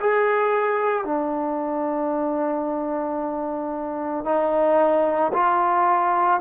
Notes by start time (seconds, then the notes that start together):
0.00 G#4
1.05 D4
4.25 D#4
5.34 F4